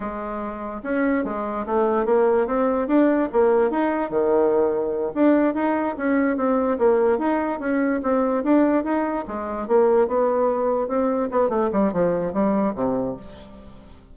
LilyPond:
\new Staff \with { instrumentName = "bassoon" } { \time 4/4 \tempo 4 = 146 gis2 cis'4 gis4 | a4 ais4 c'4 d'4 | ais4 dis'4 dis2~ | dis8 d'4 dis'4 cis'4 c'8~ |
c'8 ais4 dis'4 cis'4 c'8~ | c'8 d'4 dis'4 gis4 ais8~ | ais8 b2 c'4 b8 | a8 g8 f4 g4 c4 | }